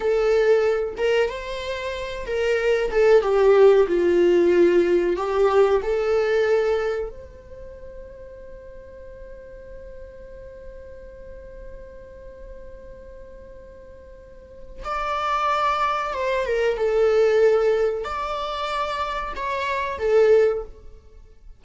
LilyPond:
\new Staff \with { instrumentName = "viola" } { \time 4/4 \tempo 4 = 93 a'4. ais'8 c''4. ais'8~ | ais'8 a'8 g'4 f'2 | g'4 a'2 c''4~ | c''1~ |
c''1~ | c''2. d''4~ | d''4 c''8 ais'8 a'2 | d''2 cis''4 a'4 | }